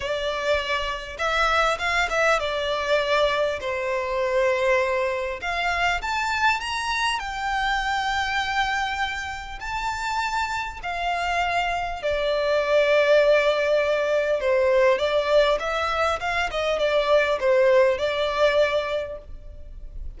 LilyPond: \new Staff \with { instrumentName = "violin" } { \time 4/4 \tempo 4 = 100 d''2 e''4 f''8 e''8 | d''2 c''2~ | c''4 f''4 a''4 ais''4 | g''1 |
a''2 f''2 | d''1 | c''4 d''4 e''4 f''8 dis''8 | d''4 c''4 d''2 | }